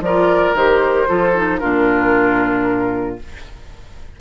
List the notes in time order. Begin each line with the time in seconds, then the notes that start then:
0.00 F3 F4 A#4 D5
0.54 D#3 G4 C5
1.07 F3 F4 A4
1.35 D#4
1.58 A#2 D4 F4 A#4